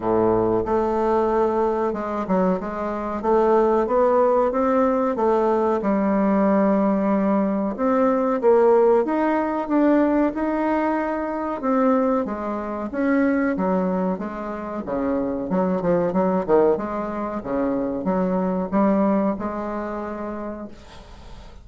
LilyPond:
\new Staff \with { instrumentName = "bassoon" } { \time 4/4 \tempo 4 = 93 a,4 a2 gis8 fis8 | gis4 a4 b4 c'4 | a4 g2. | c'4 ais4 dis'4 d'4 |
dis'2 c'4 gis4 | cis'4 fis4 gis4 cis4 | fis8 f8 fis8 dis8 gis4 cis4 | fis4 g4 gis2 | }